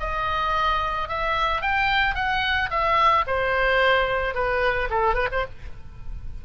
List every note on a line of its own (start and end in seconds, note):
0.00 1.09 D#5
1.09 1.62 E5
1.62 2.15 G5
2.15 2.70 F#5
2.70 3.25 E5
3.27 4.35 C5
4.35 4.89 B4
4.90 5.14 A4
5.14 5.28 B4
5.32 5.45 C5